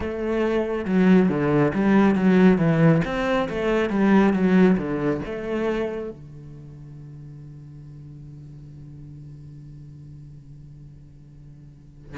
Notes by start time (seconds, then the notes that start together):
0.00 A3
0.85 F#3
1.28 D3
1.74 G3
2.15 F#3
2.58 E3
3.04 C4
3.49 A3
3.89 G3
4.33 F#3
4.77 D3
5.25 A3
6.10 D3